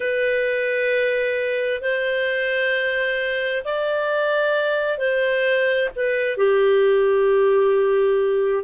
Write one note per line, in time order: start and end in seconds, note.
0.00 1.81 B4
1.81 3.63 C5
3.64 4.98 D5
4.98 5.88 C5
5.95 6.37 B4
6.37 8.64 G4